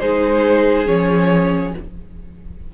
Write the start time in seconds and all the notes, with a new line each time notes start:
0.00 G#3 D#4 G#4 C5
0.86 F3 C#4 C#5